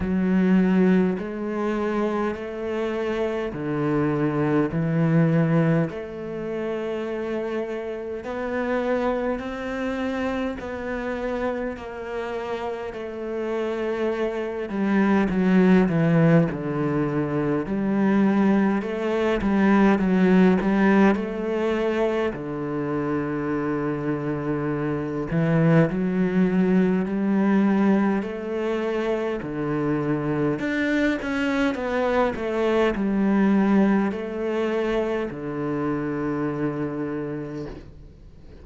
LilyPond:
\new Staff \with { instrumentName = "cello" } { \time 4/4 \tempo 4 = 51 fis4 gis4 a4 d4 | e4 a2 b4 | c'4 b4 ais4 a4~ | a8 g8 fis8 e8 d4 g4 |
a8 g8 fis8 g8 a4 d4~ | d4. e8 fis4 g4 | a4 d4 d'8 cis'8 b8 a8 | g4 a4 d2 | }